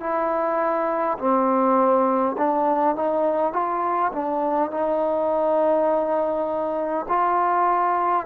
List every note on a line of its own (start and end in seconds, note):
0.00 1.18 E4
1.18 2.36 C4
2.37 2.96 D4
2.96 3.52 D#4
3.52 4.11 F4
4.12 4.71 D4
4.71 7.06 D#4
7.08 8.26 F4